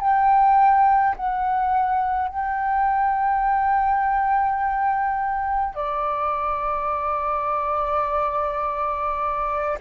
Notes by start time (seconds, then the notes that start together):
0.00 G5
1.16 F#5
2.28 G5
5.74 D5